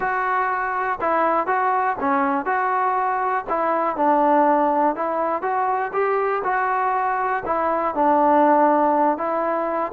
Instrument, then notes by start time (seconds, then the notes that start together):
trombone
0.00 F#4
1.00 E4
1.46 F#4
2.00 C#4
2.45 F#4
3.49 E4
3.96 D4
4.95 E4
5.42 F#4
5.92 G4
6.44 F#4
7.45 E4
7.95 D4
9.17 E4